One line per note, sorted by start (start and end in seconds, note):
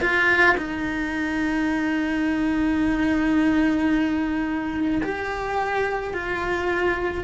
0.00 0.56 F4
0.57 5.02 D#4
5.03 6.13 G4
6.13 7.24 F4